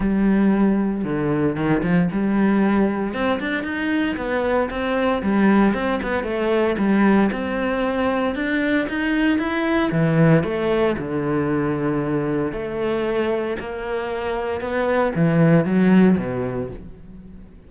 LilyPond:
\new Staff \with { instrumentName = "cello" } { \time 4/4 \tempo 4 = 115 g2 d4 dis8 f8 | g2 c'8 d'8 dis'4 | b4 c'4 g4 c'8 b8 | a4 g4 c'2 |
d'4 dis'4 e'4 e4 | a4 d2. | a2 ais2 | b4 e4 fis4 b,4 | }